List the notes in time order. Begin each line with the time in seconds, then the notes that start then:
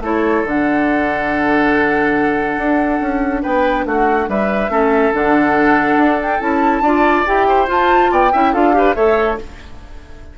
0.00 A3 E4 A4 C#5
0.45 D3 D4 F#5
2.57 D4
3.00 C#4
3.42 B3 B4 G5
3.85 A3 F#4 F#5
4.28 G3 B4 E5
4.69 A3 C#4 A4
5.13 D3 D4 F#5
5.97 D4
6.22 G5
6.40 C#4 E4 A5
6.81 D4 F4 D5
7.26 E4 G4 G5
7.48 C5
7.67 F4 A5
8.11 B3 D5 G5
8.32 C#4 E4 E5
8.53 D4 F4 A4 F5
8.73 G4 B4
8.95 A3 A4 C#5 E5